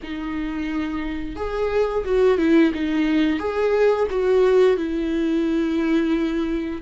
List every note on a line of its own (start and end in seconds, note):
0.02 1.36 D#4
1.36 2.04 G#4
2.05 2.38 F#4
2.38 2.72 E4
2.74 3.39 D#4
3.39 4.07 G#4
4.10 4.77 F#4
4.77 6.81 E4